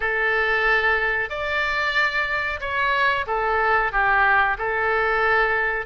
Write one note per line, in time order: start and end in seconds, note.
0.00 1.29 A4
1.29 2.60 D5
2.60 3.25 C#5
3.26 3.91 A4
3.91 4.57 G4
4.57 5.85 A4